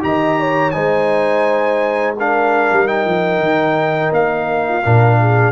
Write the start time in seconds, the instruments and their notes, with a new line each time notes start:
0.00 tuba D#3, trombone G4, horn D#5, trumpet A#5
0.39 horn C#5
0.71 tuba G#3, trombone D#4, horn C5, trumpet G#5
2.18 trombone D4, horn A#4, trumpet F5
2.71 tuba G3
2.86 trombone D#4, trumpet G5
3.05 tuba F3
3.38 tuba D#3
4.12 tuba A#3, trumpet F5
4.68 horn F4
4.83 tuba A#2, trombone D4, horn A#4
5.19 horn G#4